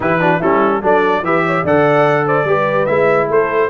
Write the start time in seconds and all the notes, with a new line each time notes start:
0.00 E3 E4 G4 B4
0.20 D4 F#4
0.39 G3 C#4 E4 A4
0.82 F#3 D4 A4 D5
1.22 E3 G4 B4 E5
1.46 C#5
1.64 D3 A4 D5 F#5
2.26 C5 D5
2.43 G3 G4 B4
2.86 G#3 E4 E5
3.28 A3 A4 C5